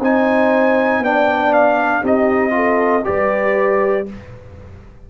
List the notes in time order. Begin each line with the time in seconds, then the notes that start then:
0.00 C4 D#4 C5 G#5
0.99 B3 D4 D5 G5
1.53 F5
2.01 C4 D#4 G4 D#5
2.50 F4 A4
3.04 G3 G4 B4 D5